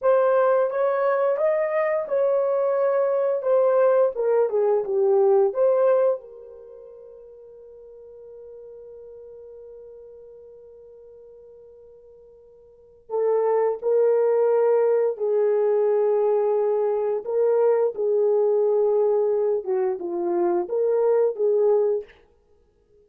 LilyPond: \new Staff \with { instrumentName = "horn" } { \time 4/4 \tempo 4 = 87 c''4 cis''4 dis''4 cis''4~ | cis''4 c''4 ais'8 gis'8 g'4 | c''4 ais'2.~ | ais'1~ |
ais'2. a'4 | ais'2 gis'2~ | gis'4 ais'4 gis'2~ | gis'8 fis'8 f'4 ais'4 gis'4 | }